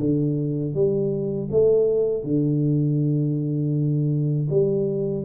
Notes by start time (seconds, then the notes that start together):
0.00 D3
0.74 G3
1.51 A3
2.24 D3
4.50 G3